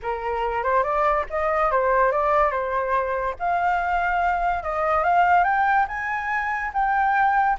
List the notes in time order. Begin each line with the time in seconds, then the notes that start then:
0.02 A#4
0.63 C5
0.83 D5
1.29 D#5
1.71 C5
2.11 D5
2.51 C5
3.39 F5
4.63 D#5
5.03 F5
5.44 G5
5.87 G#5
6.73 G5